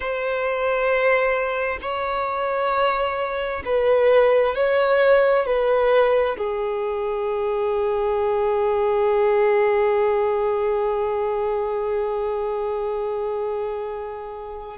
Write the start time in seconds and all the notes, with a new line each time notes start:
0.00 C5
1.81 C#5
3.65 B4
4.55 C#5
5.45 B4
6.37 G#4